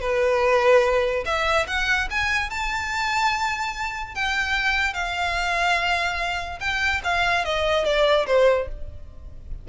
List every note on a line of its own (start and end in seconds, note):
0.00 1.24 B4
1.25 1.66 E5
1.67 2.08 F#5
2.10 2.50 G#5
2.50 4.15 A5
4.15 4.93 G5
4.93 6.59 F5
6.60 7.01 G5
7.04 7.44 F5
7.44 7.84 D#5
7.84 8.26 D5
8.26 8.67 C5